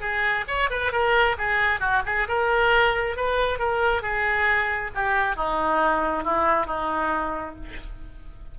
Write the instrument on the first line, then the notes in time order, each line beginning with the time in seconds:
oboe
0.00 G#4
0.47 C#5
0.70 B4
0.92 A#4
1.38 G#4
1.80 F#4
2.05 G#4
2.28 A#4
3.16 B4
3.58 A#4
4.02 G#4
4.94 G4
5.36 D#4
6.24 E4
6.66 D#4